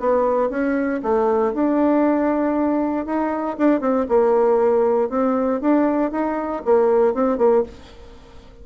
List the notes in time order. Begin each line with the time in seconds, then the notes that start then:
0.00 B3
0.50 C#4
1.03 A3
1.54 D4
3.06 D#4
3.58 D4
3.80 C4
4.09 A#3
5.10 C4
5.61 D4
6.11 D#4
6.65 A#3
7.14 C4
7.38 A#3